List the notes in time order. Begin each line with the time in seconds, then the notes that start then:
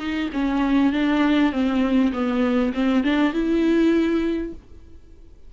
0.00 D#4
0.34 C#4
0.93 D4
1.52 C4
2.13 B3
2.74 C4
3.04 D4
3.34 E4